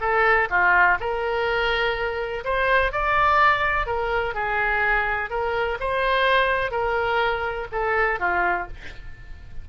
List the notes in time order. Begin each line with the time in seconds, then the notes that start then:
0.00 A4
0.50 F4
0.99 A#4
2.44 C5
2.92 D5
3.86 A#4
4.34 G#4
5.30 A#4
5.79 C5
6.71 A#4
7.71 A4
8.19 F4